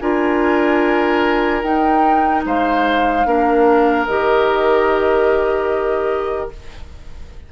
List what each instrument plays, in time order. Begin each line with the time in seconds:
0.00 bassoon D4, clarinet F4, oboe A#4, flute G#5
1.63 bassoon D#4, clarinet D#4, flute G5
2.45 bassoon G#3, oboe C5, flute F5
3.26 bassoon A#3, clarinet D4, oboe A#4
4.06 bassoon D#3, clarinet G4, flute D#5